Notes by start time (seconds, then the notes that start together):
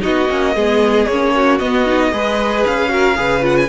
0.00 B3 D#4 F#4 D#5
0.29 A#3 C#4
0.55 G#3 B3 G#4
1.06 A#3 C#4 C#5
1.35 F#4
1.58 B3 D#5
1.86 D#4
2.11 G#3 G#4 B4
2.66 C#4 F5
2.88 F#4 A#4
3.15 C#3 G#4 B4
3.41 F4 F#5
3.57 G#5